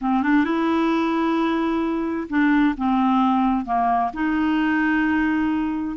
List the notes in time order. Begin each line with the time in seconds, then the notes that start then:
0.01 C4
0.22 D4
0.44 E4
2.29 D4
2.77 C4
3.65 A#3
4.13 D#4